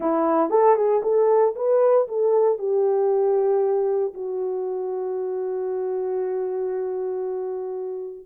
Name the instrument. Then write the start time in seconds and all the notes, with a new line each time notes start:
horn
0.00 E4
0.50 A4
0.75 G#4
1.03 A4
1.55 B4
2.08 A4
2.58 G4
4.14 F#4